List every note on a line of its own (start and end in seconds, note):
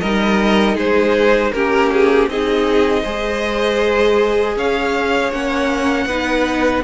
0.00 0.75 G3
0.00 1.54 D#4
0.00 0.75 A#4
0.00 0.76 D#5
0.75 1.51 G#3
0.75 1.51 G#4
0.75 1.52 C5
1.52 2.27 A#3
1.52 2.30 C#4
1.52 2.30 G4
1.52 1.90 A#4
1.91 2.29 G#4
2.27 3.03 C4
2.27 3.05 D#4
2.27 3.03 G#4
2.27 4.57 D#5
3.03 4.56 G#3
3.03 5.32 G#4
3.03 4.54 C5
4.56 5.31 C#4
4.56 6.07 C#5
4.56 5.32 F5
5.31 6.06 A#3
5.31 6.08 C#4
5.31 6.84 F#5
6.06 6.82 B3
6.06 6.84 D#4
6.06 6.83 B4